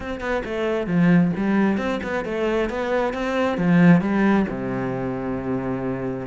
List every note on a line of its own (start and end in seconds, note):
0.00 0.20 C4
0.20 0.42 B3
0.44 0.86 A3
0.86 1.31 F3
1.36 1.77 G3
1.77 2.00 C4
2.03 2.24 B3
2.24 2.69 A3
2.69 3.13 B3
3.13 3.57 C4
3.57 4.01 F3
4.01 4.46 G3
4.48 6.27 C3